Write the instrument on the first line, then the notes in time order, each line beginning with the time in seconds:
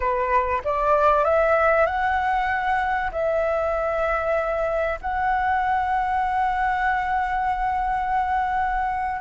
flute
0.00 B4
0.64 D5
1.24 E5
1.86 F#5
3.11 E5
5.01 F#5